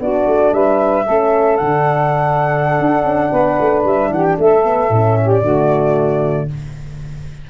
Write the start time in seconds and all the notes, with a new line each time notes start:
0.00 B3 D4 F#4 D5
0.28 A3
0.53 G3 B4 E5
1.05 A3 C#4 A4
1.57 D3 D4 F#5
2.80 D4
3.04 C#4
3.31 B3 B4
3.61 A3
3.85 G3 E5
4.10 E3 G4 F#5
4.23 G5
4.38 A3 A4 E5
4.64 B3
4.90 A2 C#4
5.23 G4
5.30 D5
5.42 D3 A3 F#4